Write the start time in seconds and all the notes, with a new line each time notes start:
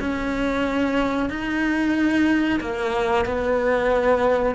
0.00 C#4
1.30 D#4
2.61 A#3
3.25 B3